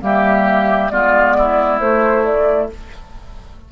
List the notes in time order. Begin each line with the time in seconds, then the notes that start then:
0.00 G3 A#3 G4 E5
0.90 G#3 B3 F4 D5
1.37 E4
1.79 A3 C5
2.24 D5